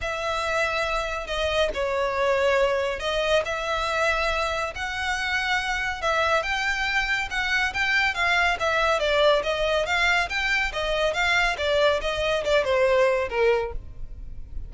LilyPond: \new Staff \with { instrumentName = "violin" } { \time 4/4 \tempo 4 = 140 e''2. dis''4 | cis''2. dis''4 | e''2. fis''4~ | fis''2 e''4 g''4~ |
g''4 fis''4 g''4 f''4 | e''4 d''4 dis''4 f''4 | g''4 dis''4 f''4 d''4 | dis''4 d''8 c''4. ais'4 | }